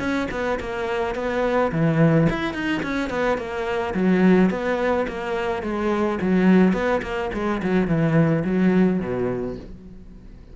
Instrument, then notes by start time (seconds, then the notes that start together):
cello
0.00 C#4
0.31 B3
0.60 A#3
1.15 B3
1.72 E3
2.30 E4
2.54 D#4
2.83 C#4
3.10 B3
3.38 A#3
3.95 F#3
4.50 B3
5.08 A#3
5.63 G#3
6.22 F#3
6.73 B3
7.02 A#3
7.34 G#3
7.63 F#3
7.88 E3
8.45 F#3
9.01 B2